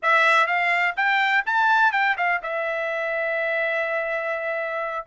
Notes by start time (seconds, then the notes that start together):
0.02 E5
0.46 F5
0.96 G5
1.46 A5
1.92 G5
2.17 F5
2.42 E5